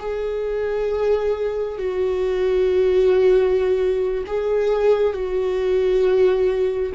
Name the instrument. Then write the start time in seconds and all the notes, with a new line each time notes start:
viola
0.00 G#4
1.78 F#4
4.27 G#4
5.14 F#4